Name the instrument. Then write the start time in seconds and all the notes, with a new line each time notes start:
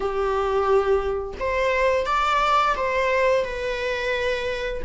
viola
0.00 G4
1.39 C5
2.06 D5
2.76 C5
3.44 B4